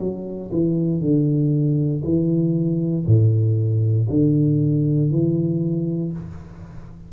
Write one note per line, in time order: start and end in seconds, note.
0.00 0.51 F#3
0.52 1.01 E3
1.01 2.03 D3
2.04 3.06 E3
3.07 4.09 A2
4.10 5.11 D3
5.11 6.13 E3